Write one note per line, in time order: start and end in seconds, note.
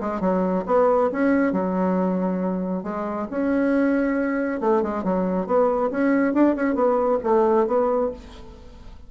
0.00 0.20 G#3
0.20 0.64 F#3
0.66 1.09 B3
1.12 1.52 C#4
1.52 2.83 F#3
2.83 3.27 G#3
3.30 4.60 C#4
4.60 4.82 A3
4.82 5.03 G#3
5.03 5.46 F#3
5.46 5.90 B3
5.90 6.33 C#4
6.33 6.55 D4
6.55 6.74 C#4
6.74 7.18 B3
7.23 7.66 A3
7.66 8.10 B3